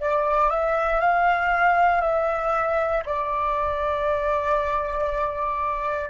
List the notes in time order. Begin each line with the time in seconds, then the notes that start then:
0.00 D5
0.49 E5
1.00 F5
2.01 E5
3.05 D5